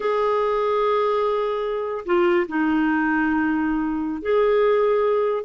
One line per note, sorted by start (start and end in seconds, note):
0.00 2.05 G#4
2.05 2.47 F4
2.48 4.22 D#4
4.22 5.44 G#4